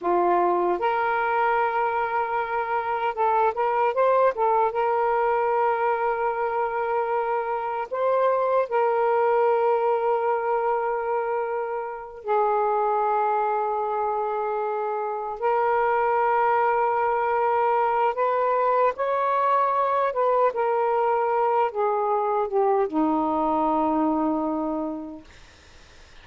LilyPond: \new Staff \with { instrumentName = "saxophone" } { \time 4/4 \tempo 4 = 76 f'4 ais'2. | a'8 ais'8 c''8 a'8 ais'2~ | ais'2 c''4 ais'4~ | ais'2.~ ais'8 gis'8~ |
gis'2.~ gis'8 ais'8~ | ais'2. b'4 | cis''4. b'8 ais'4. gis'8~ | gis'8 g'8 dis'2. | }